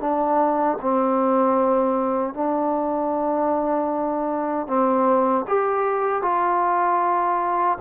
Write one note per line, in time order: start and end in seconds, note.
0.00 0.78 D4
0.81 2.34 C4
2.34 4.67 D4
4.67 5.45 C4
5.48 6.22 G4
6.22 7.78 F4